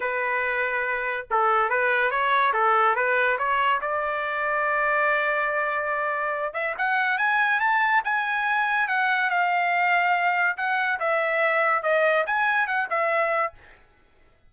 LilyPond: \new Staff \with { instrumentName = "trumpet" } { \time 4/4 \tempo 4 = 142 b'2. a'4 | b'4 cis''4 a'4 b'4 | cis''4 d''2.~ | d''2.~ d''8 e''8 |
fis''4 gis''4 a''4 gis''4~ | gis''4 fis''4 f''2~ | f''4 fis''4 e''2 | dis''4 gis''4 fis''8 e''4. | }